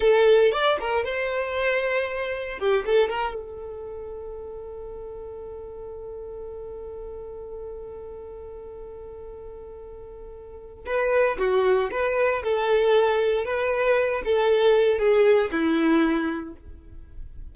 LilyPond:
\new Staff \with { instrumentName = "violin" } { \time 4/4 \tempo 4 = 116 a'4 d''8 ais'8 c''2~ | c''4 g'8 a'8 ais'8 a'4.~ | a'1~ | a'1~ |
a'1~ | a'4 b'4 fis'4 b'4 | a'2 b'4. a'8~ | a'4 gis'4 e'2 | }